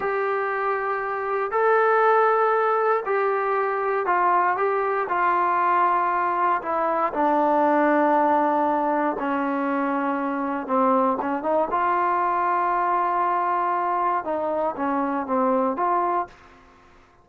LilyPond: \new Staff \with { instrumentName = "trombone" } { \time 4/4 \tempo 4 = 118 g'2. a'4~ | a'2 g'2 | f'4 g'4 f'2~ | f'4 e'4 d'2~ |
d'2 cis'2~ | cis'4 c'4 cis'8 dis'8 f'4~ | f'1 | dis'4 cis'4 c'4 f'4 | }